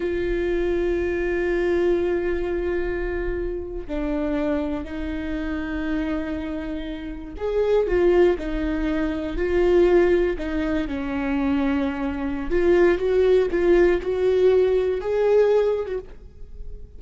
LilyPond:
\new Staff \with { instrumentName = "viola" } { \time 4/4 \tempo 4 = 120 f'1~ | f'2.~ f'8. d'16~ | d'4.~ d'16 dis'2~ dis'16~ | dis'2~ dis'8. gis'4 f'16~ |
f'8. dis'2 f'4~ f'16~ | f'8. dis'4 cis'2~ cis'16~ | cis'4 f'4 fis'4 f'4 | fis'2 gis'4.~ gis'16 fis'16 | }